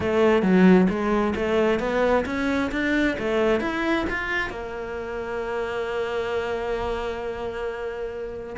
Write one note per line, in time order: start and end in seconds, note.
0.00 0.42 A3
0.42 0.87 F#3
0.89 1.34 G#3
1.35 1.79 A3
1.79 2.24 B3
2.25 2.70 C#4
2.71 3.16 D4
3.18 3.60 A3
3.60 4.05 E4
4.09 4.49 F4
4.49 8.55 A#3